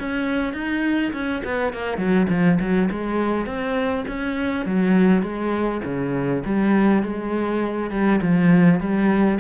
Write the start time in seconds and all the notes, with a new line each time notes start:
0.00 C#4
0.54 D#4
1.13 C#4
1.45 B3
1.74 A#3
1.98 F#3
2.30 F3
2.60 F#3
2.91 G#3
3.46 C4
4.08 C#4
4.66 F#3
5.23 G#3
5.85 C#3
6.46 G3
7.03 G#3
7.91 G3
8.22 F3
8.80 G3